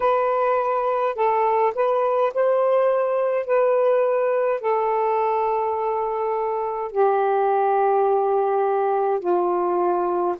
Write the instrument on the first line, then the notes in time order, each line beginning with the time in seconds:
saxophone
0.00 B4
1.15 A4
1.75 B4
2.34 C5
3.46 B4
4.60 A4
6.91 G4
9.20 F4